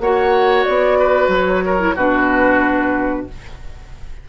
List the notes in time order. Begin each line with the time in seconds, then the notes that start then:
0.00 A#3 F#4 C#5 F#5
0.64 B3 D5
0.99 B4
1.28 F#3 C#5
1.66 A#4
1.79 E4
1.95 B2 D4 F#4 B4